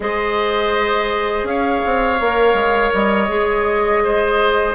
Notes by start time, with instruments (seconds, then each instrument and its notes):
0.00 bassoon G#3, clarinet G#4, oboe C5, flute D#5
1.43 bassoon C#4, oboe C#5, flute F5
1.85 bassoon C4
2.20 bassoon A#3, clarinet A#4
2.53 bassoon G#3
2.93 bassoon G3, flute D#5
3.28 bassoon G#3, clarinet G#4
4.03 oboe C5